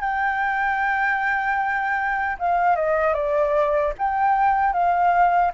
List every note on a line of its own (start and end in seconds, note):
0.00 2.37 G5
2.39 2.76 F5
2.76 3.14 D#5
3.14 3.93 D5
3.98 4.73 G5
4.73 5.52 F5